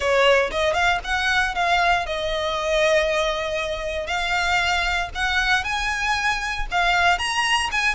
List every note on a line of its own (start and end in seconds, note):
0.00 0.50 C#5
0.51 0.73 D#5
0.73 0.99 F5
1.04 1.54 F#5
1.54 2.06 F5
2.06 4.07 D#5
4.07 5.09 F5
5.14 5.64 F#5
5.64 6.66 G#5
6.71 7.18 F5
7.18 7.69 A#5
7.71 7.94 G#5